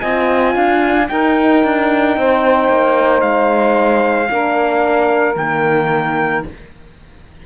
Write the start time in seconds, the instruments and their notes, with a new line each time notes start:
0.00 cello C4, horn F4, saxophone D#5, trumpet G#5
0.54 cello D4, saxophone F5
1.06 horn D#4, cello D#4, saxophone A#4, trumpet G5
1.64 cello D4
2.17 cello C4, saxophone C5
2.69 cello A#3
3.21 cello G#3, trumpet F5
4.29 cello A#3, horn D4, saxophone A#4
5.36 cello D#3, horn A#3, trumpet G5